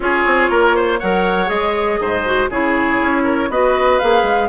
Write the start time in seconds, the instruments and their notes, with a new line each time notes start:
0.00 bassoon C#4, clarinet F4, oboe G#4, flute C#5
0.26 bassoon C4
0.49 bassoon A#3, oboe A#4
0.75 oboe C5
0.99 bassoon F#3, clarinet A#4, oboe C#5, flute F#5
1.46 bassoon G#3, clarinet G#4, flute D#5
2.00 bassoon G#2, oboe C5
2.25 clarinet F#4
2.50 bassoon C#3, clarinet E4, oboe G#4, flute C#5
3.00 bassoon C#4
3.23 oboe A#4
3.49 bassoon B3, clarinet F#4, oboe B4, flute D#5
3.98 bassoon A#3, clarinet G#4, flute F5
4.22 bassoon G#3